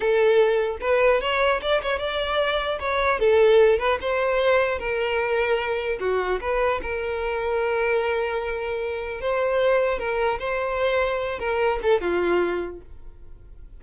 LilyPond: \new Staff \with { instrumentName = "violin" } { \time 4/4 \tempo 4 = 150 a'2 b'4 cis''4 | d''8 cis''8 d''2 cis''4 | a'4. b'8 c''2 | ais'2. fis'4 |
b'4 ais'2.~ | ais'2. c''4~ | c''4 ais'4 c''2~ | c''8 ais'4 a'8 f'2 | }